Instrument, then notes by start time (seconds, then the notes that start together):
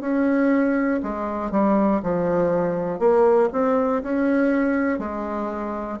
bassoon
0.00 C#4
1.02 G#3
1.51 G3
2.03 F3
2.99 A#3
3.52 C4
4.02 C#4
4.98 G#3